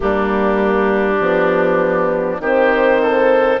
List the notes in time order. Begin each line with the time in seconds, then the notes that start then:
0.00 G3 A#3 D4 G4
1.19 F3 B3
2.39 D#3 C4 G4 C5
3.02 A4